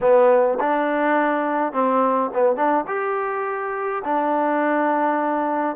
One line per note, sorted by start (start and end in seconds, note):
0.01 0.58 B3
0.59 1.72 D4
1.72 2.30 C4
2.34 2.55 B3
2.55 2.84 D4
2.87 4.02 G4
4.04 5.76 D4